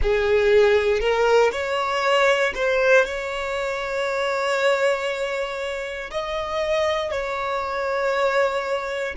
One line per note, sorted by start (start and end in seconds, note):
0.01 1.00 G#4
1.00 1.51 A#4
1.51 2.53 C#5
2.54 3.05 C5
3.05 6.10 C#5
6.10 7.11 D#5
7.11 9.14 C#5